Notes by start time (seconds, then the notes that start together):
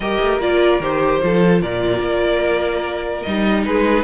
0.00 G3 G4 A#4 D#5
0.20 A3
0.38 A#3 F4 D5
0.79 D#3 G4 C5
1.21 F3 F4 A4
1.61 A#2 A#4 D5
2.00 A#3
3.22 G3 D#4 D#5
3.64 G#3 G#4 B4